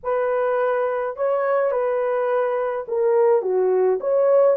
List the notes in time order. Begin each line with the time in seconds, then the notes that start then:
0.03 B4
1.16 C#5
1.71 B4
2.88 A#4
3.42 F#4
4.00 C#5